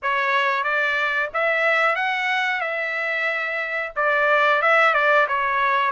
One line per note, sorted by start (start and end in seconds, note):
0.02 0.63 C#5
0.63 1.29 D5
1.33 1.95 E5
1.95 2.60 F#5
2.60 3.92 E5
3.96 4.62 D5
4.62 4.93 E5
4.93 5.26 D5
5.27 5.91 C#5